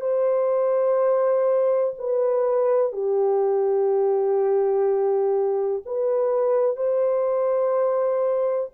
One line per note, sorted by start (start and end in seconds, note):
0.00 1.94 C5
1.98 2.92 B4
2.92 5.82 G4
5.85 6.76 B4
6.76 8.70 C5